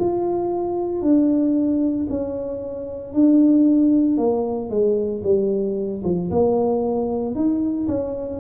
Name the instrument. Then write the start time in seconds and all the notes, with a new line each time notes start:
tuba
0.00 F4
1.02 D4
2.10 C#4
3.14 D4
4.18 A#3
4.70 G#3
5.24 G3
6.04 F3
6.31 A#3
7.35 D#4
7.88 C#4